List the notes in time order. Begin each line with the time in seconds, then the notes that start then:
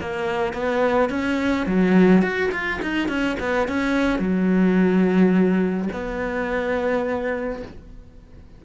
0.00 A#3
0.53 B3
1.09 C#4
1.66 F#3
2.22 F#4
2.51 F4
2.81 D#4
3.08 C#4
3.39 B3
3.68 C#4
4.19 F#3
5.92 B3